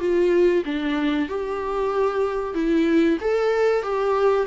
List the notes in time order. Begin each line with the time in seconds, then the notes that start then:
0.00 F4
0.65 D4
1.29 G4
2.54 E4
3.21 A4
3.83 G4